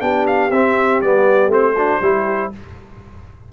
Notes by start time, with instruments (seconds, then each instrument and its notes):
0.00 tuba B3, trombone D4, horn G4, trumpet G5
0.26 trumpet F5
0.50 tuba C4, trombone C4, trumpet E5
1.01 tuba G3, trombone B3, trumpet D5
1.47 tuba A3, trombone C4, trumpet C5
1.74 trombone D4, horn F#4
2.01 tuba G3, trombone E4, horn G4